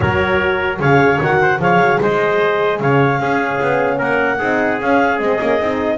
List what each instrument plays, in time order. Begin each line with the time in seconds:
0.00 double bass F#3, horn F#4, trumpet A#4, clarinet C#5
0.79 double bass C#3, horn G#4, trumpet C#5, clarinet F5
1.20 double bass D#3, horn F#4, clarinet F#5
1.41 trumpet C5
1.59 double bass F3, horn G#4, trumpet C#5, clarinet F5
1.78 double bass F#3
2.00 double bass G#3, trumpet C5, clarinet D#5
2.79 double bass C#3, trumpet C#5, clarinet F5
3.19 double bass C#4, horn C#4, trumpet G#4
3.61 double bass B3
3.98 double bass A#3, trumpet A#4, clarinet F#5
4.39 double bass C4, horn D#4, trumpet G#4
4.79 horn C#4, double bass C#4, clarinet F5
5.18 double bass G#3, horn C4, clarinet D#5
5.39 double bass A#3, horn C#4
5.60 double bass C4, horn D#4